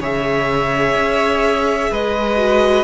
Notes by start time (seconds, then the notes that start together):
0.00 C#3 G#4 C#5 E5
0.95 C#4
1.91 G#3 B4 D#5
2.37 F#4